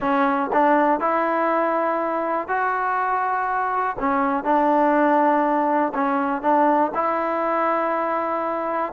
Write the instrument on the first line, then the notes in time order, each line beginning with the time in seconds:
trombone
0.00 C#4
0.53 D4
0.99 E4
2.47 F#4
3.99 C#4
4.44 D4
5.94 C#4
6.42 D4
6.94 E4